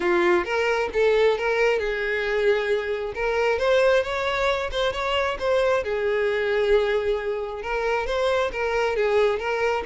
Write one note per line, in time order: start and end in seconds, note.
0.00 0.44 F4
0.44 0.89 A#4
0.93 1.37 A4
1.37 1.79 A#4
1.79 3.13 G#4
3.14 3.58 A#4
3.58 4.03 C5
4.03 4.70 C#5
4.71 4.92 C5
4.92 5.37 C#5
5.39 5.83 C5
5.83 7.62 G#4
7.62 8.06 A#4
8.06 8.51 C5
8.52 8.96 A#4
8.96 9.39 G#4
9.39 9.83 A#4